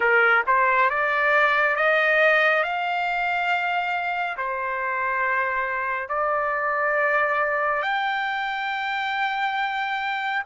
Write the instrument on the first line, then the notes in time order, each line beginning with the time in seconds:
trumpet
0.00 A#4
0.46 C5
0.89 D5
1.76 D#5
2.63 F5
4.37 C5
6.09 D5
7.82 G5